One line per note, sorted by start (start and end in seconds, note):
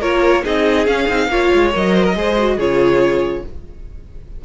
0.00 0.44 A#3
0.00 0.44 F4
0.00 0.43 A#4
0.00 0.44 C#5
0.44 0.87 C4
0.44 0.87 D#4
0.44 1.29 G#4
0.44 0.87 D#5
0.87 1.08 C#4
0.87 1.72 F5
1.08 1.28 C4
1.08 1.30 D#4
1.28 1.49 A#3
1.28 1.73 F4
1.28 1.94 C#5
1.54 1.75 G#3
1.73 2.15 F#3
1.73 2.15 A#4
1.73 2.59 D#5
1.94 2.04 C5
2.04 2.15 A#4
2.15 2.58 G#3
2.15 2.37 G#4
2.15 2.56 C5
2.38 2.59 F#4
2.56 3.43 C#3
2.56 3.45 F4
2.56 3.41 G#4
2.56 3.45 C#5